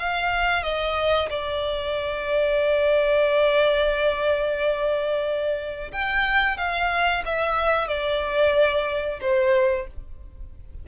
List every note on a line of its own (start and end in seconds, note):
0.00 0.64 F5
0.64 1.29 D#5
1.30 5.92 D5
5.92 6.58 G5
6.58 7.24 F5
7.26 7.88 E5
7.88 9.20 D5
9.22 9.88 C5